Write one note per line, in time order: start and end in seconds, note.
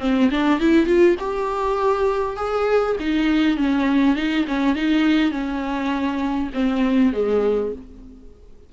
0.00 0.30 C4
0.31 0.60 D4
0.60 0.86 E4
0.86 1.16 F4
1.19 2.37 G4
2.37 2.96 G#4
2.99 3.57 D#4
3.57 4.16 C#4
4.16 4.46 D#4
4.47 4.75 C#4
4.75 5.31 D#4
5.31 6.50 C#4
6.53 7.13 C4
7.13 7.72 G#3